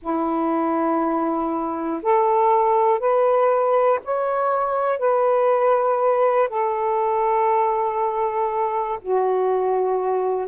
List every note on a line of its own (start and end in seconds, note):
0.01 2.01 E4
2.02 2.99 A4
2.99 3.99 B4
4.04 4.99 C#5
4.99 6.49 B4
6.49 8.99 A4
9.01 10.47 F#4